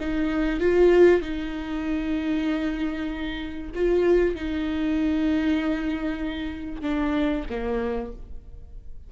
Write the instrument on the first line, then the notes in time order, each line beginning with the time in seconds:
viola
0.00 D#4
0.60 F4
1.21 D#4
3.75 F4
4.35 D#4
6.82 D4
7.49 A#3